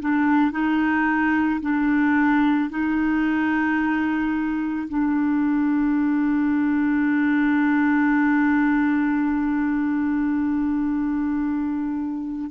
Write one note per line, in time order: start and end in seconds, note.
0.00 0.51 D4
0.51 1.60 D#4
1.61 2.70 D4
2.70 4.88 D#4
4.88 12.51 D4